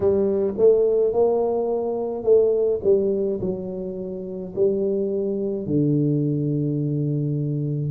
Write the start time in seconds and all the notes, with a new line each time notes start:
0.00 G3
0.57 A3
1.13 A#3
2.23 A3
2.83 G3
3.41 F#3
4.55 G3
5.66 D3